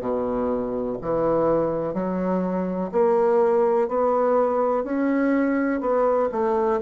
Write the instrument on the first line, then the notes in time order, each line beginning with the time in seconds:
bassoon
0.00 B2
1.01 E3
1.94 F#3
2.92 A#3
3.88 B3
4.84 C#4
5.81 B3
6.32 A3